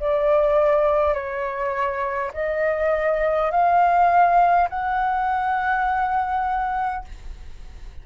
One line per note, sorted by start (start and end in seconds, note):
0.00 1.14 D5
1.14 2.32 C#5
2.34 3.51 D#5
3.51 4.69 F5
4.70 7.05 F#5